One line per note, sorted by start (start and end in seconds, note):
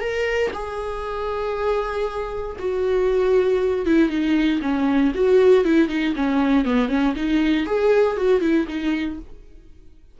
0.00 0.51 A#4
0.53 2.57 G#4
2.59 3.86 F#4
3.86 4.09 E4
4.09 4.60 D#4
4.62 5.12 C#4
5.14 5.64 F#4
5.64 5.88 E4
5.88 6.14 D#4
6.15 6.65 C#4
6.65 6.88 B3
6.88 7.14 C#4
7.15 7.66 D#4
7.66 8.16 G#4
8.16 8.41 F#4
8.41 8.66 E4
8.67 9.18 D#4